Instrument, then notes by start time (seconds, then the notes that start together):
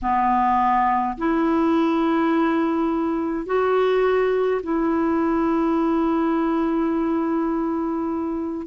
clarinet
0.02 B3
1.17 E4
3.46 F#4
4.63 E4